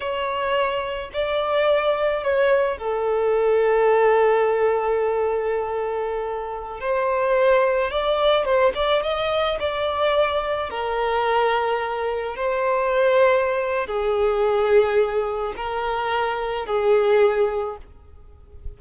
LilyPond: \new Staff \with { instrumentName = "violin" } { \time 4/4 \tempo 4 = 108 cis''2 d''2 | cis''4 a'2.~ | a'1~ | a'16 c''2 d''4 c''8 d''16~ |
d''16 dis''4 d''2 ais'8.~ | ais'2~ ais'16 c''4.~ c''16~ | c''4 gis'2. | ais'2 gis'2 | }